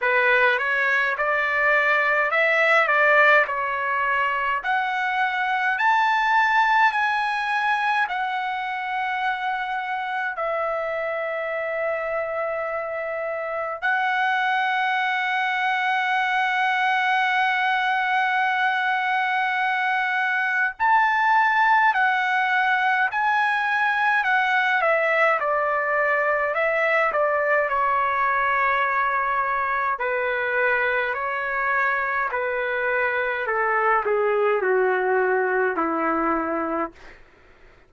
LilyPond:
\new Staff \with { instrumentName = "trumpet" } { \time 4/4 \tempo 4 = 52 b'8 cis''8 d''4 e''8 d''8 cis''4 | fis''4 a''4 gis''4 fis''4~ | fis''4 e''2. | fis''1~ |
fis''2 a''4 fis''4 | gis''4 fis''8 e''8 d''4 e''8 d''8 | cis''2 b'4 cis''4 | b'4 a'8 gis'8 fis'4 e'4 | }